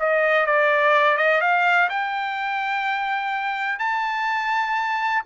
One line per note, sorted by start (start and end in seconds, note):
0.00 0.46 D#5
0.46 1.18 D5
1.18 1.41 D#5
1.41 1.89 F5
1.90 3.79 G5
3.79 5.23 A5